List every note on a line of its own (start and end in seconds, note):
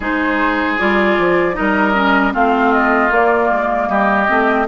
0.00 0.77 G#3
0.00 0.78 D#4
0.00 1.55 G#4
0.00 0.78 C5
0.78 1.18 G3
0.78 1.53 F4
0.78 1.55 D5
1.18 1.57 F3
1.53 2.34 G3
1.53 1.92 D#4
1.53 2.33 A#4
1.53 2.33 D#5
1.94 2.32 C#4
2.32 3.10 A3
2.32 3.10 C4
2.32 3.88 F4
2.32 2.72 F5
2.72 3.11 D#5
3.10 4.26 A#3
3.10 3.49 A#3
3.10 3.88 D5
3.50 3.88 G#3
3.88 4.27 G3
3.88 4.67 G4
3.88 4.66 D#5
4.27 4.68 A3
4.27 4.66 C4